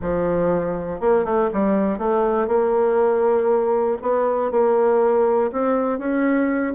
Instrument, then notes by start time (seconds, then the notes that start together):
bassoon
0.01 F3
1.00 A#3
1.24 A3
1.53 G3
1.98 A3
2.48 A#3
4.02 B3
4.51 A#3
5.52 C4
5.98 C#4